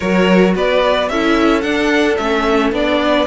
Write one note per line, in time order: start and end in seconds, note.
0.00 0.55 F#3
0.00 1.10 F#4
0.00 0.54 A#4
0.00 0.55 C#5
0.55 1.09 B3
0.55 1.10 B4
0.55 1.08 D5
1.08 1.64 C#4
1.08 1.62 E4
1.08 3.01 A4
1.08 1.61 E5
1.61 2.17 D4
1.61 2.18 D4
1.61 2.15 F#5
2.16 2.72 A3
2.16 2.73 C#4
2.16 2.71 E5
2.72 3.26 B3
2.72 3.26 D4
2.72 3.26 D5
3.01 3.26 B4